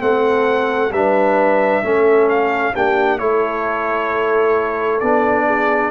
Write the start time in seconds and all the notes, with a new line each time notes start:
0.00 A3 C4 A4 F#5
0.91 G3 D4 B4 E5
1.84 A3 C#4 A4
2.30 F5
2.75 A#3 D4 G4 G5
3.19 A3 E4 A4 C#5
5.00 B3 D4 D5
5.47 G#4